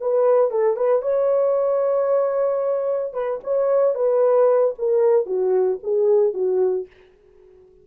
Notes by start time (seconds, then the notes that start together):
0.00 B4
0.50 A4
0.76 B4
1.02 C#5
3.13 B4
3.43 C#5
3.94 B4
4.78 A#4
5.25 F#4
5.83 G#4
6.33 F#4